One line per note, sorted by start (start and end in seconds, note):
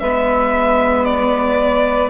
0.00 2.10 G#3
0.00 2.10 B3
0.00 2.10 B4
0.00 1.05 E5
1.05 2.10 D5